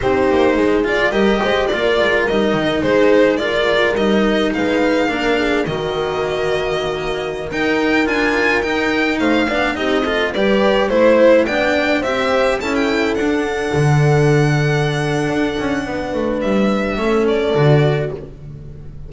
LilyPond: <<
  \new Staff \with { instrumentName = "violin" } { \time 4/4 \tempo 4 = 106 c''4. d''8 dis''4 d''4 | dis''4 c''4 d''4 dis''4 | f''2 dis''2~ | dis''4~ dis''16 g''4 gis''4 g''8.~ |
g''16 f''4 dis''4 d''4 c''8.~ | c''16 g''4 e''4 a''16 g''8. fis''8.~ | fis''1~ | fis''4 e''4. d''4. | }
  \new Staff \with { instrumentName = "horn" } { \time 4/4 g'4 gis'4 ais'8 c''8 ais'4~ | ais'4 gis'4 ais'2 | b'4 ais'8 gis'8 fis'2~ | fis'4~ fis'16 ais'2~ ais'8.~ |
ais'16 c''8 d''8 g'8 a'8 b'4 c''8.~ | c''16 d''4 c''4 a'4.~ a'16~ | a'1 | b'2 a'2 | }
  \new Staff \with { instrumentName = "cello" } { \time 4/4 dis'4. f'8 g'4 f'4 | dis'2 f'4 dis'4~ | dis'4 d'4 ais2~ | ais4~ ais16 dis'4 f'4 dis'8.~ |
dis'8. d'8 dis'8 f'8 g'4 e'8.~ | e'16 d'4 g'4 e'4 d'8.~ | d'1~ | d'2 cis'4 fis'4 | }
  \new Staff \with { instrumentName = "double bass" } { \time 4/4 c'8 ais8 gis4 g8 gis8 ais8 gis8 | g8 dis8 gis2 g4 | gis4 ais4 dis2~ | dis4~ dis16 dis'4 d'4 dis'8.~ |
dis'16 a8 b8 c'4 g4 a8.~ | a16 b4 c'4 cis'4 d'8.~ | d'16 d2~ d8. d'8 cis'8 | b8 a8 g4 a4 d4 | }
>>